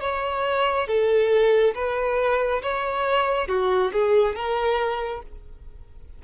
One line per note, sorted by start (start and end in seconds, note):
0.00 0.87 C#5
0.87 1.74 A4
1.74 2.61 B4
2.62 3.47 C#5
3.47 3.91 F#4
3.92 4.35 G#4
4.35 5.22 A#4